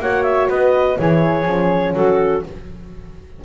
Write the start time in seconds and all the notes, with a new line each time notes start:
0.00 A#3 F#4 C#5 F#5
0.23 E5
0.50 B3 B4 D#5
0.98 E3 E4 G#4 C#5
1.45 F3 C#4
1.94 F#3 F#4 A4